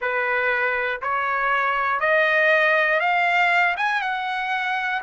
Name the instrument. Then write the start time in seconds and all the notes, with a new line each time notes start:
trumpet
0.00 B4
1.01 C#5
2.00 D#5
3.00 F5
3.76 G#5
4.01 F#5